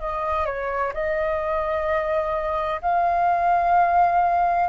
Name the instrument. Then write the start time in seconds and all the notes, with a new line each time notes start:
flute
0.00 D#5
0.45 C#5
0.94 D#5
2.82 F5